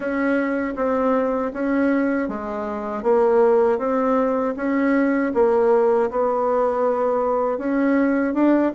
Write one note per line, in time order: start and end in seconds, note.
0.00 0.74 C#4
0.76 1.52 C4
1.53 2.28 C#4
2.28 3.02 G#3
3.02 3.78 A#3
3.78 4.54 C4
4.56 5.32 C#4
5.34 6.10 A#3
6.10 7.57 B3
7.57 8.33 C#4
8.33 8.71 D4